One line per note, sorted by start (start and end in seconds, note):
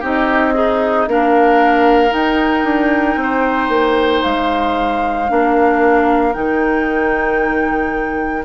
0.00 1.07 C4
0.00 0.54 D#4
0.00 0.53 G4
0.00 1.08 D#5
0.54 1.09 D#4
0.54 1.07 G#4
1.07 2.12 A#3
1.07 2.09 D4
1.07 3.20 A#4
1.07 2.13 F5
2.09 5.25 D#4
2.09 2.64 D#4
2.09 4.23 G5
2.64 3.16 D4
3.16 3.68 C4
3.23 5.32 C5
3.69 4.21 A#3
4.23 5.30 G#3
4.23 6.33 F5
5.29 6.35 A#3
5.29 6.33 D4
5.29 8.45 A#4
6.33 8.45 D#3
6.33 8.44 D#4
6.33 8.43 G5